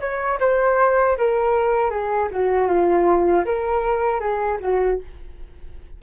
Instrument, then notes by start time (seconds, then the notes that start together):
flute
0.00 C#5
0.40 C5
1.17 A#4
1.90 G#4
2.31 F#4
2.67 F4
3.45 A#4
4.20 G#4
4.60 F#4